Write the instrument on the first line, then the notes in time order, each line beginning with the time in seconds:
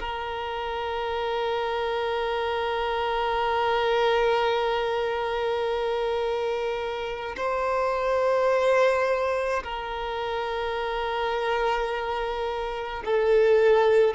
violin
0.00 A#4
7.37 C5
9.64 A#4
13.05 A4